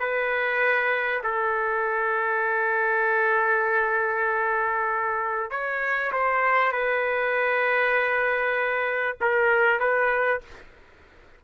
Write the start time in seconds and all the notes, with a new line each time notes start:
0.00 B4
1.24 A4
5.51 C#5
6.12 C5
6.72 B4
9.21 A#4
9.80 B4